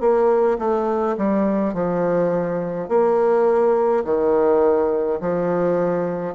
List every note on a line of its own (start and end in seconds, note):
0.00 0.58 A#3
0.58 1.16 A3
1.17 1.74 G3
1.74 2.88 F3
2.88 4.04 A#3
4.04 5.20 D#3
5.20 6.35 F3